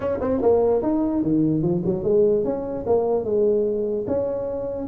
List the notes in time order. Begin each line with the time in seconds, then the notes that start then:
0.00 C#4
0.20 C4
0.41 A#3
0.82 D#4
1.22 D#3
1.62 F3
1.85 F#3
2.03 G#3
2.44 C#4
2.86 A#3
3.24 G#3
4.07 C#4